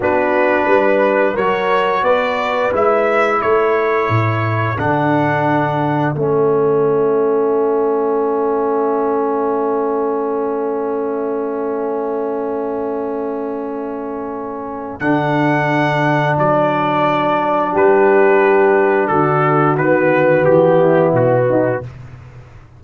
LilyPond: <<
  \new Staff \with { instrumentName = "trumpet" } { \time 4/4 \tempo 4 = 88 b'2 cis''4 d''4 | e''4 cis''2 fis''4~ | fis''4 e''2.~ | e''1~ |
e''1~ | e''2 fis''2 | d''2 b'2 | a'4 b'4 g'4 fis'4 | }
  \new Staff \with { instrumentName = "horn" } { \time 4/4 fis'4 b'4 ais'4 b'4~ | b'4 a'2.~ | a'1~ | a'1~ |
a'1~ | a'1~ | a'2 g'2 | fis'2~ fis'8 e'4 dis'8 | }
  \new Staff \with { instrumentName = "trombone" } { \time 4/4 d'2 fis'2 | e'2. d'4~ | d'4 cis'2.~ | cis'1~ |
cis'1~ | cis'2 d'2~ | d'1~ | d'4 b2. | }
  \new Staff \with { instrumentName = "tuba" } { \time 4/4 b4 g4 fis4 b4 | gis4 a4 a,4 d4~ | d4 a2.~ | a1~ |
a1~ | a2 d2 | fis2 g2 | d4 dis4 e4 b,4 | }
>>